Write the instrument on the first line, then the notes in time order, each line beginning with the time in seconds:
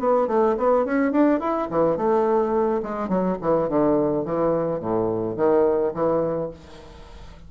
bassoon
0.00 B3
0.28 A3
0.58 B3
0.85 C#4
1.12 D4
1.40 E4
1.71 E3
1.97 A3
2.83 G#3
3.09 F#3
3.42 E3
3.69 D3
4.25 E3
4.80 A2
5.37 D#3
5.95 E3